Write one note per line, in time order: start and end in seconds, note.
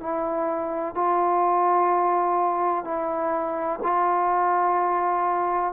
0.00 0.94 E4
0.94 2.84 F4
2.84 3.80 E4
3.83 5.73 F4